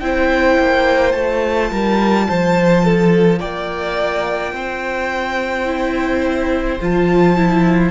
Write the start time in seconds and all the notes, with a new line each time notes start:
0.00 C4 E4 C5 G5
0.59 A#3
1.12 A3 F4 A5
1.71 G3 A#4
2.28 F3 C5
2.85 A4
3.40 A#3 D5 G5
4.53 C4 C5
5.66 E4
6.80 F3 F4 A5
7.36 E4